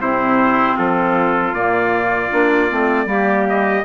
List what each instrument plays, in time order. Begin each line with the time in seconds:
0.00 bassoon C3, clarinet C4, trumpet E4 C5
0.76 bassoon F3, trumpet F4 A4
1.52 bassoon A#2, clarinet A#3, trumpet D5
2.31 bassoon A#3, clarinet D4
2.68 bassoon A3, clarinet C4
3.05 bassoon G3, clarinet A#3, trumpet G4
3.49 trumpet D#5